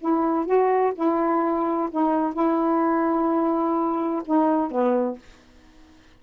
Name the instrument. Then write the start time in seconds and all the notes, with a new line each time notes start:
saxophone
0.00 E4
0.46 F#4
0.95 E4
1.91 D#4
2.33 E4
4.25 D#4
4.71 B3